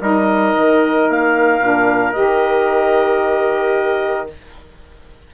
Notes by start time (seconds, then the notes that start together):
0.00 G3 D#4 A#4 D#5
0.57 D#3
1.08 A#3 F5
1.59 A#2 D4
2.12 G4 D#5
2.19 D#3